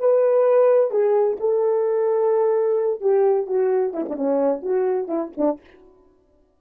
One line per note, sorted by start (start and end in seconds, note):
0.00 0.91 B4
0.91 1.38 G#4
1.41 3.01 A4
3.01 3.48 G4
3.48 3.94 F#4
3.94 4.06 E4
4.10 4.16 D4
4.16 4.63 C#4
4.63 5.08 F#4
5.08 5.32 E4
5.38 5.61 D4